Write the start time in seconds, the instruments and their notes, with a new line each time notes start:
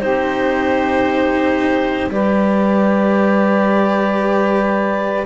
0.00 double bass C4, cello D#4, saxophone G4, clarinet C5
2.08 double bass G3, cello G4, saxophone B4, clarinet D5